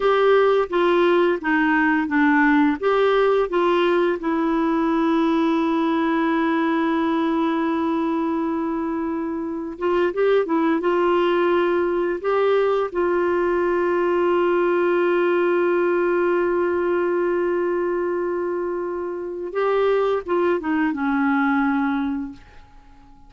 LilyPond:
\new Staff \with { instrumentName = "clarinet" } { \time 4/4 \tempo 4 = 86 g'4 f'4 dis'4 d'4 | g'4 f'4 e'2~ | e'1~ | e'2 f'8 g'8 e'8 f'8~ |
f'4. g'4 f'4.~ | f'1~ | f'1 | g'4 f'8 dis'8 cis'2 | }